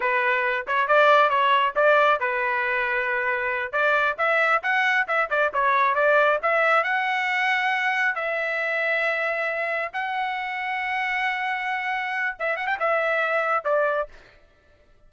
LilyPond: \new Staff \with { instrumentName = "trumpet" } { \time 4/4 \tempo 4 = 136 b'4. cis''8 d''4 cis''4 | d''4 b'2.~ | b'8 d''4 e''4 fis''4 e''8 | d''8 cis''4 d''4 e''4 fis''8~ |
fis''2~ fis''8 e''4.~ | e''2~ e''8 fis''4.~ | fis''1 | e''8 fis''16 g''16 e''2 d''4 | }